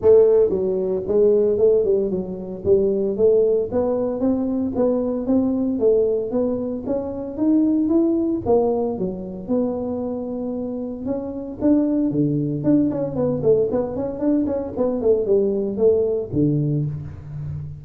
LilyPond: \new Staff \with { instrumentName = "tuba" } { \time 4/4 \tempo 4 = 114 a4 fis4 gis4 a8 g8 | fis4 g4 a4 b4 | c'4 b4 c'4 a4 | b4 cis'4 dis'4 e'4 |
ais4 fis4 b2~ | b4 cis'4 d'4 d4 | d'8 cis'8 b8 a8 b8 cis'8 d'8 cis'8 | b8 a8 g4 a4 d4 | }